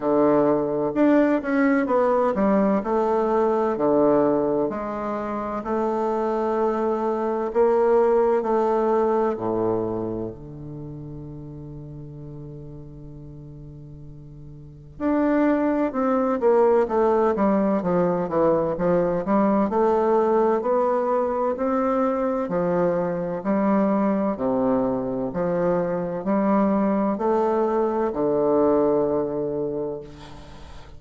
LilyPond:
\new Staff \with { instrumentName = "bassoon" } { \time 4/4 \tempo 4 = 64 d4 d'8 cis'8 b8 g8 a4 | d4 gis4 a2 | ais4 a4 a,4 d4~ | d1 |
d'4 c'8 ais8 a8 g8 f8 e8 | f8 g8 a4 b4 c'4 | f4 g4 c4 f4 | g4 a4 d2 | }